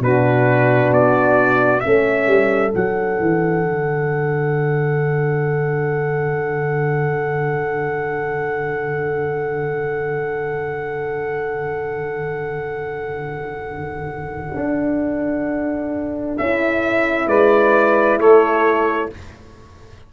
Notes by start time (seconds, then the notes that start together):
0.00 B2 D4 F#4 B4
0.91 B3 D5
1.80 A3 C#4 A4 E5
2.27 G3
2.73 F#3 D4 F#5
3.20 E3
3.65 D3
14.56 D4
16.38 C#4 E4 E5
17.27 G#3 B4 D5
18.18 A3 A4 C#5